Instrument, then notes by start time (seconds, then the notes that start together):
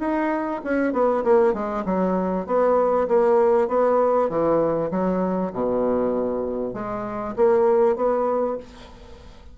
bassoon
0.00 D#4
0.64 C#4
0.93 B3
1.24 A#3
1.54 G#3
1.85 F#3
2.46 B3
3.08 A#3
3.68 B3
4.29 E3
4.91 F#3
5.53 B2
6.74 G#3
7.36 A#3
7.96 B3